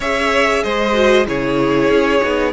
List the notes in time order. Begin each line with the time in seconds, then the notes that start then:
0.00 C#4 G#4 C#5 E5
0.63 G#3 C5 D#5
0.93 F#4
1.26 C#3 E4 G#4 C#5
1.89 C#4
2.21 B3 D#4